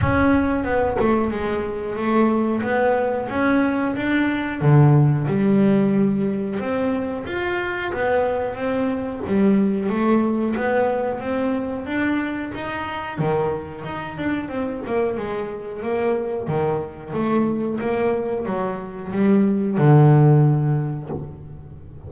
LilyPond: \new Staff \with { instrumentName = "double bass" } { \time 4/4 \tempo 4 = 91 cis'4 b8 a8 gis4 a4 | b4 cis'4 d'4 d4 | g2 c'4 f'4 | b4 c'4 g4 a4 |
b4 c'4 d'4 dis'4 | dis4 dis'8 d'8 c'8 ais8 gis4 | ais4 dis4 a4 ais4 | fis4 g4 d2 | }